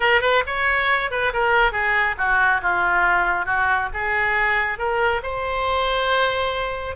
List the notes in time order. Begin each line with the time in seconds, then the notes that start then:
0.00 A#4
0.21 B4
0.46 C#5
1.10 B4
1.33 A#4
1.72 G#4
2.17 F#4
2.61 F4
3.45 F#4
3.93 G#4
4.78 A#4
5.23 C5